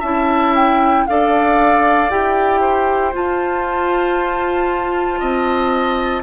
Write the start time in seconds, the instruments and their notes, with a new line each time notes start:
0.00 bassoon C#4, clarinet E4, oboe E5, flute A5
0.55 flute G5
1.07 bassoon D4, clarinet A4, oboe D5, flute F5
2.10 bassoon E4, clarinet G4, flute G5
2.61 oboe C5
3.13 clarinet F4, bassoon F4, flute A5
5.19 bassoon C4, oboe D#5